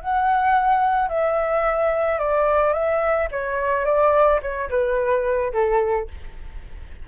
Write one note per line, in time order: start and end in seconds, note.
0.00 1.08 F#5
1.08 2.18 E5
2.18 2.73 D5
2.73 3.28 E5
3.31 3.85 C#5
3.85 4.40 D5
4.42 4.69 C#5
4.69 5.52 B4
5.53 6.08 A4